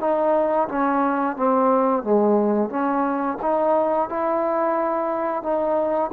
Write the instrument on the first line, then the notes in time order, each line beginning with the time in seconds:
trombone
0.00 D#4
0.68 C#4
1.36 C4
2.03 G#3
2.70 C#4
3.42 D#4
4.09 E4
5.43 D#4